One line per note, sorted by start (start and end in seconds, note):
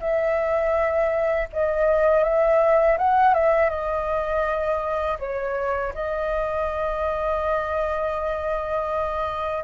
0.00 1.48 E5
1.53 2.23 D#5
2.23 2.97 E5
2.98 3.34 F#5
3.34 3.70 E5
3.70 5.18 D#5
5.19 5.93 C#5
5.94 9.64 D#5